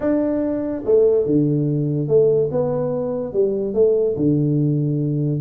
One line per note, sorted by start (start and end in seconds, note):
0.00 0.83 D4
0.85 1.26 A3
1.26 2.07 D3
2.07 2.49 A3
2.51 3.33 B3
3.33 3.73 G3
3.73 4.15 A3
4.16 5.41 D3